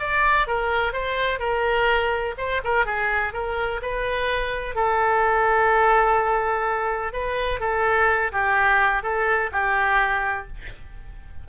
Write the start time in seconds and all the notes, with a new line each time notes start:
0.00 D5
0.48 A#4
0.93 C5
1.40 A#4
2.38 C5
2.64 A#4
2.86 G#4
3.33 A#4
3.82 B4
4.76 A4
7.13 B4
7.61 A4
8.32 G4
9.03 A4
9.52 G4